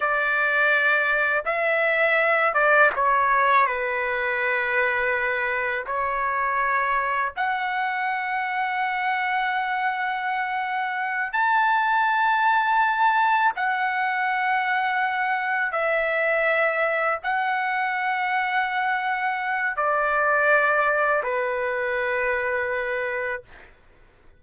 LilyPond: \new Staff \with { instrumentName = "trumpet" } { \time 4/4 \tempo 4 = 82 d''2 e''4. d''8 | cis''4 b'2. | cis''2 fis''2~ | fis''2.~ fis''8 a''8~ |
a''2~ a''8 fis''4.~ | fis''4. e''2 fis''8~ | fis''2. d''4~ | d''4 b'2. | }